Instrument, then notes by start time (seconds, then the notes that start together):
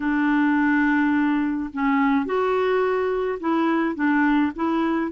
clarinet
0.00 D4
1.73 C#4
2.25 F#4
3.40 E4
3.95 D4
4.55 E4